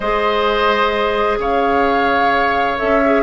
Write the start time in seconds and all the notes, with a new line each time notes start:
0.00 G#3 G#4 C5 D#5
1.38 C#3 C#5 F5
2.78 C#4 A4 E5
3.05 G#4